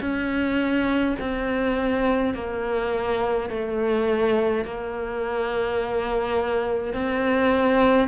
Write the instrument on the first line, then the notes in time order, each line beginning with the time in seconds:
cello
0.00 C#4
1.20 C4
2.34 A#3
3.49 A3
4.64 A#3
6.93 C4